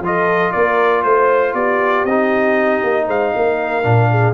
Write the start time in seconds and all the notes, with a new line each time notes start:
0.00 F3 F4 A4 D#5
0.52 A#3 A#4 D5
1.03 A3 C5
1.53 B3 G4 D5
2.05 C4 D#4 D#5
2.83 A#3
3.07 G#3 C5 F5
3.35 A#3 A#4
3.83 A#2 D4
4.11 G#4